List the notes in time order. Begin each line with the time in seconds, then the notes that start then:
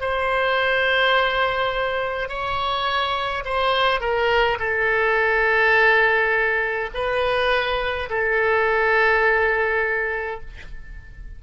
0.00 C5
2.28 C#5
3.45 C5
4.00 A#4
4.59 A4
6.94 B4
8.09 A4